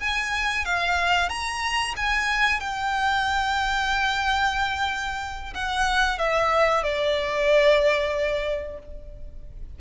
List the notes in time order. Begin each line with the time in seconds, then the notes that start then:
0.00 G#5
0.65 F5
1.29 A#5
1.96 G#5
2.60 G5
5.54 F#5
6.18 E5
6.83 D5